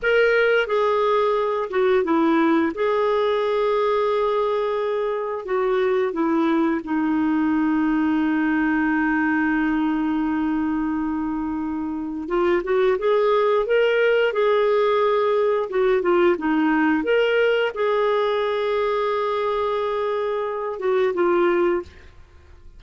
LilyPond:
\new Staff \with { instrumentName = "clarinet" } { \time 4/4 \tempo 4 = 88 ais'4 gis'4. fis'8 e'4 | gis'1 | fis'4 e'4 dis'2~ | dis'1~ |
dis'2 f'8 fis'8 gis'4 | ais'4 gis'2 fis'8 f'8 | dis'4 ais'4 gis'2~ | gis'2~ gis'8 fis'8 f'4 | }